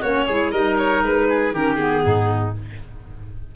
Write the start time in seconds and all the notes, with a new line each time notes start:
0.00 A#3 C#4 F#4 C#5
0.27 G#3 E4 G#4
0.52 G3 D#4 A#4 D#5
0.78 C#5
1.03 G#3 B4
1.29 G#4
1.52 D#3 C#4 G4 A#4
1.76 B3 G#4
2.05 G#2 D#4